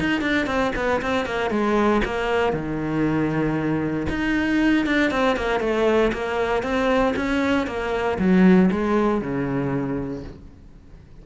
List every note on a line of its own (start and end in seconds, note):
0.00 0.21 D#4
0.21 0.46 D4
0.46 0.72 C4
0.75 1.01 B3
1.01 1.26 C4
1.26 1.50 A#3
1.50 2.01 G#3
2.05 2.53 A#3
2.53 4.07 D#3
4.09 4.86 D#4
4.86 5.10 D4
5.10 5.36 C4
5.36 5.60 A#3
5.60 6.11 A3
6.13 6.62 A#3
6.62 7.14 C4
7.16 7.67 C#4
7.67 8.18 A#3
8.19 8.70 F#3
8.71 9.21 G#3
9.21 10.24 C#3